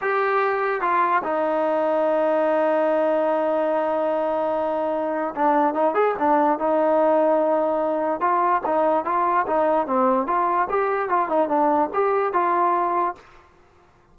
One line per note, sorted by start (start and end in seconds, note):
0.01 0.81 G4
0.81 1.22 F4
1.23 5.34 D#4
5.35 5.74 D4
5.74 5.94 D#4
5.94 6.14 G#4
6.18 6.58 D4
6.58 8.20 D#4
8.20 8.61 F4
8.65 9.04 D#4
9.04 9.46 F4
9.46 9.86 D#4
9.86 10.26 C4
10.26 10.68 F4
10.69 11.09 G4
11.09 11.29 F4
11.29 11.48 D#4
11.48 11.89 D4
11.93 12.33 G4
12.33 13.15 F4